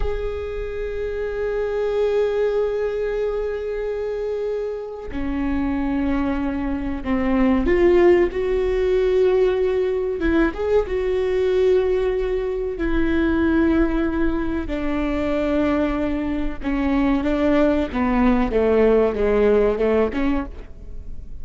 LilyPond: \new Staff \with { instrumentName = "viola" } { \time 4/4 \tempo 4 = 94 gis'1~ | gis'1 | cis'2. c'4 | f'4 fis'2. |
e'8 gis'8 fis'2. | e'2. d'4~ | d'2 cis'4 d'4 | b4 a4 gis4 a8 cis'8 | }